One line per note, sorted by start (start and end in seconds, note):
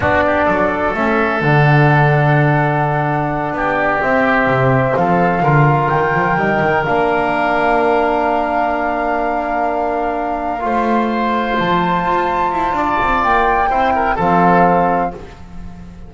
0.00 0.46 B3
0.00 0.95 D4
0.00 0.23 F#4
0.00 0.94 D5
0.26 0.45 G4
0.45 0.94 F#3
0.45 3.52 A4
0.94 1.41 A3
0.94 1.42 C#4
0.94 1.41 E5
1.41 3.52 D3
1.41 4.01 D4
1.41 3.56 F#5
3.52 3.99 B3
3.52 4.98 G4
3.52 4.01 D5
4.01 5.42 C4
4.01 4.46 C4
4.01 4.96 E5
4.46 4.93 C3
4.96 5.42 F3
4.96 5.43 A4
4.96 5.89 F5
5.42 5.89 D3
5.42 6.38 F4
5.42 10.63 A#4
5.89 6.14 D#3
5.89 6.83 G5
6.14 6.35 F3
6.35 6.59 G3
6.35 6.85 D#4
6.60 6.84 D#3
6.85 10.64 A#3
6.85 10.60 D4
6.85 11.57 F5
10.60 11.58 A3
10.60 13.67 F4
10.60 12.76 C5
11.58 12.05 F3
11.58 13.23 A5
12.05 12.51 F4
12.51 12.72 E4
12.72 12.96 D4
12.72 13.69 D5
13.01 13.24 C4
13.23 13.69 A#3
13.23 14.17 G5
13.69 14.17 C4
13.69 14.17 E4
13.69 13.93 C5
13.95 14.15 A#4
14.15 15.13 F3
14.15 15.12 C4
14.15 15.09 A4
14.15 15.14 F5